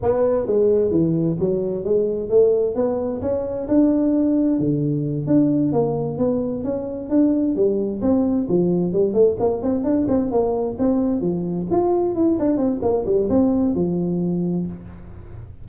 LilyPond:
\new Staff \with { instrumentName = "tuba" } { \time 4/4 \tempo 4 = 131 b4 gis4 e4 fis4 | gis4 a4 b4 cis'4 | d'2 d4. d'8~ | d'8 ais4 b4 cis'4 d'8~ |
d'8 g4 c'4 f4 g8 | a8 ais8 c'8 d'8 c'8 ais4 c'8~ | c'8 f4 f'4 e'8 d'8 c'8 | ais8 g8 c'4 f2 | }